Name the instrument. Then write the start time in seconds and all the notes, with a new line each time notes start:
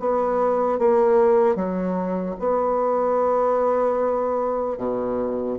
bassoon
0.00 B3
0.79 A#3
1.56 F#3
2.39 B3
4.77 B2